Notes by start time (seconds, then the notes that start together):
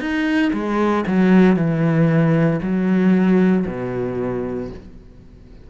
0.00 D#4
0.53 G#3
1.07 F#3
1.57 E3
2.62 F#3
3.67 B2